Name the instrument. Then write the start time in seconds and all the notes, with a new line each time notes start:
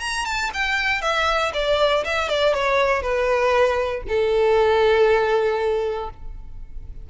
violin
0.00 A#5
0.25 A5
0.53 G5
1.02 E5
1.54 D5
2.04 E5
2.29 D5
2.54 C#5
3.02 B4
4.08 A4